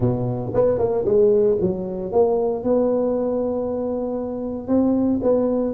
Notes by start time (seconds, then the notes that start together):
0.00 B2
0.54 B3
0.78 A#3
1.05 G#3
1.60 F#3
2.12 A#3
2.63 B3
4.67 C4
5.22 B3